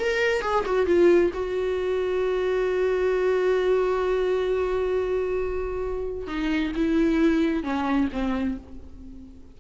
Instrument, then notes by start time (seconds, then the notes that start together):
viola
0.00 A#4
0.42 G#4
0.66 F#4
0.87 F4
1.34 F#4
6.28 D#4
6.76 E4
7.64 C#4
8.13 C4